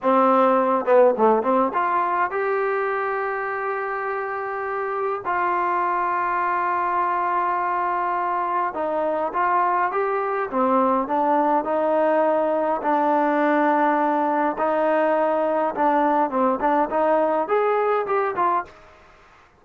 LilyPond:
\new Staff \with { instrumentName = "trombone" } { \time 4/4 \tempo 4 = 103 c'4. b8 a8 c'8 f'4 | g'1~ | g'4 f'2.~ | f'2. dis'4 |
f'4 g'4 c'4 d'4 | dis'2 d'2~ | d'4 dis'2 d'4 | c'8 d'8 dis'4 gis'4 g'8 f'8 | }